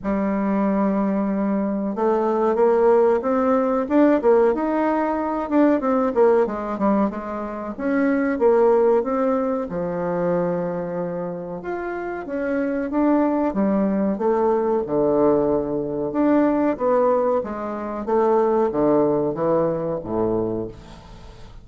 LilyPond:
\new Staff \with { instrumentName = "bassoon" } { \time 4/4 \tempo 4 = 93 g2. a4 | ais4 c'4 d'8 ais8 dis'4~ | dis'8 d'8 c'8 ais8 gis8 g8 gis4 | cis'4 ais4 c'4 f4~ |
f2 f'4 cis'4 | d'4 g4 a4 d4~ | d4 d'4 b4 gis4 | a4 d4 e4 a,4 | }